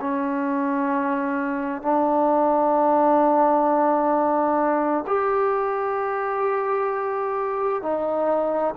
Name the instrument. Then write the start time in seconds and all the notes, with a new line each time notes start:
trombone
0.00 C#4
1.82 D4
5.06 G4
7.82 D#4